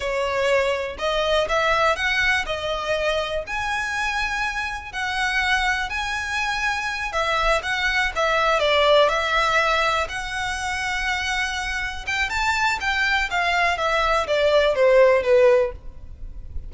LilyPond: \new Staff \with { instrumentName = "violin" } { \time 4/4 \tempo 4 = 122 cis''2 dis''4 e''4 | fis''4 dis''2 gis''4~ | gis''2 fis''2 | gis''2~ gis''8 e''4 fis''8~ |
fis''8 e''4 d''4 e''4.~ | e''8 fis''2.~ fis''8~ | fis''8 g''8 a''4 g''4 f''4 | e''4 d''4 c''4 b'4 | }